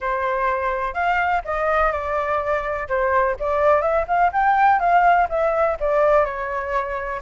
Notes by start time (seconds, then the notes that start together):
0.00 C5
0.93 F5
1.44 D#5
1.92 D5
2.88 C5
3.39 D5
3.81 E5
4.07 F5
4.32 G5
4.79 F5
5.29 E5
5.79 D5
6.25 C#5